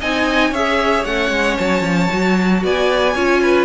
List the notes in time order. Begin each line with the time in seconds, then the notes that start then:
0.00 C4 D#4 D#5 G#5
0.50 C#4 G#4 C#5 E5
1.04 A3 C#4 F#5
1.30 G#3
1.57 F#3 A5
1.82 F3
2.09 F#3 F#4
2.63 B3 D5 G#5
3.14 C#4 F4 C#5
3.42 B4